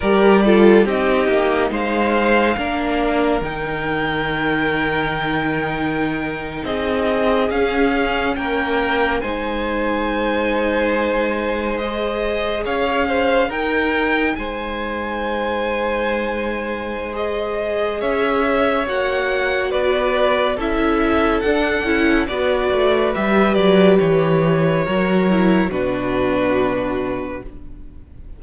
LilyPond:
<<
  \new Staff \with { instrumentName = "violin" } { \time 4/4 \tempo 4 = 70 d''4 dis''4 f''2 | g''2.~ g''8. dis''16~ | dis''8. f''4 g''4 gis''4~ gis''16~ | gis''4.~ gis''16 dis''4 f''4 g''16~ |
g''8. gis''2.~ gis''16 | dis''4 e''4 fis''4 d''4 | e''4 fis''4 d''4 e''8 d''8 | cis''2 b'2 | }
  \new Staff \with { instrumentName = "violin" } { \time 4/4 ais'8 a'8 g'4 c''4 ais'4~ | ais'2.~ ais'8. gis'16~ | gis'4.~ gis'16 ais'4 c''4~ c''16~ | c''2~ c''8. cis''8 c''8 ais'16~ |
ais'8. c''2.~ c''16~ | c''4 cis''2 b'4 | a'2 b'2~ | b'4 ais'4 fis'2 | }
  \new Staff \with { instrumentName = "viola" } { \time 4/4 g'8 f'8 dis'2 d'4 | dis'1~ | dis'8. cis'2 dis'4~ dis'16~ | dis'4.~ dis'16 gis'2 dis'16~ |
dis'1 | gis'2 fis'2 | e'4 d'8 e'8 fis'4 g'4~ | g'4 fis'8 e'8 d'2 | }
  \new Staff \with { instrumentName = "cello" } { \time 4/4 g4 c'8 ais8 gis4 ais4 | dis2.~ dis8. c'16~ | c'8. cis'4 ais4 gis4~ gis16~ | gis2~ gis8. cis'4 dis'16~ |
dis'8. gis2.~ gis16~ | gis4 cis'4 ais4 b4 | cis'4 d'8 cis'8 b8 a8 g8 fis8 | e4 fis4 b,2 | }
>>